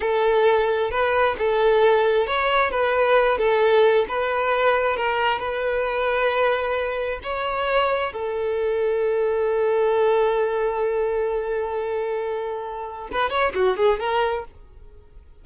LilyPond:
\new Staff \with { instrumentName = "violin" } { \time 4/4 \tempo 4 = 133 a'2 b'4 a'4~ | a'4 cis''4 b'4. a'8~ | a'4 b'2 ais'4 | b'1 |
cis''2 a'2~ | a'1~ | a'1~ | a'4 b'8 cis''8 fis'8 gis'8 ais'4 | }